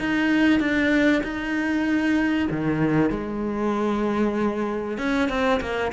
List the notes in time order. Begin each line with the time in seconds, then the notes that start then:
0.00 D#4
0.60 D4
1.24 D#4
2.51 D#3
3.11 G#3
4.99 C#4
5.30 C4
5.61 A#3